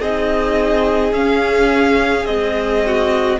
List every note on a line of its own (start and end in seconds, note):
0.00 1.12 C4
0.00 1.12 D#4
0.00 2.83 G#4
0.00 1.13 D#5
1.12 2.25 C#4
1.12 2.25 F5
2.25 3.40 G#3
2.25 3.38 C4
2.25 3.38 D#5
2.86 3.40 F#4